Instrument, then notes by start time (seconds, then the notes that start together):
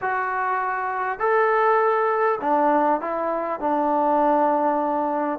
trombone
0.01 F#4
1.19 A4
2.40 D4
3.00 E4
3.59 D4